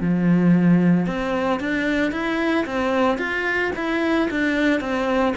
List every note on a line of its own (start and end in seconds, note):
0.00 1.06 F3
1.06 1.59 C4
1.59 2.11 D4
2.11 2.65 E4
2.65 3.18 C4
3.18 3.71 F4
3.75 4.29 E4
4.30 4.80 D4
4.80 5.34 C4